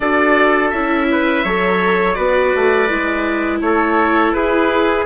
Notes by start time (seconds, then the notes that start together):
0.00 D4 F#4 A4 D5
0.69 C#4 E4 E5
1.11 B4
1.44 F#3 A4 C#5
2.13 B3 F#4 B4 D5
2.55 A3
2.89 G#3 E4
3.60 A3 A4 C#5
4.32 E4 G#4 B4